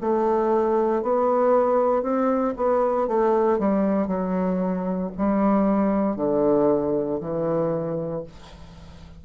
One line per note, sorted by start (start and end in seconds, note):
0.00 1.02 A3
1.02 2.02 B3
2.02 2.53 C4
2.56 3.07 B3
3.07 3.58 A3
3.58 4.07 G3
4.07 5.10 F#3
5.17 6.16 G3
6.16 7.19 D3
7.20 8.23 E3